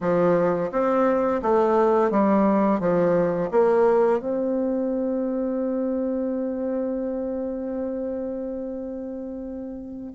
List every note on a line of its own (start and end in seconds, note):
0.01 0.70 F3
0.71 1.41 C4
1.42 2.10 A3
2.10 2.80 G3
2.80 3.49 F3
3.51 4.19 A#3
4.19 10.12 C4